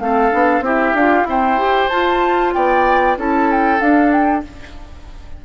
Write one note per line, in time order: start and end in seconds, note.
0.00 0.32 A3
0.00 0.31 C4
0.00 0.64 A4
0.00 0.63 F5
0.31 0.61 B3
0.31 0.63 D4
0.61 0.92 C4
0.61 0.96 E4
0.61 1.28 G4
0.61 0.96 E5
0.94 1.23 D4
0.94 1.27 F4
0.94 1.28 F5
1.23 1.58 C4
1.23 1.87 E4
1.23 2.55 C5
1.30 1.89 G5
1.58 1.90 G4
1.89 2.55 F4
1.89 3.18 F4
1.89 2.52 A5
2.54 3.17 B3
2.54 3.18 D5
2.54 3.17 G5
3.17 3.80 C#4
3.17 3.80 E4
3.17 4.45 A4
3.17 3.51 A5
3.51 3.81 G5
3.80 4.43 D4
3.80 4.44 D4
3.80 4.12 F5
4.12 4.44 G5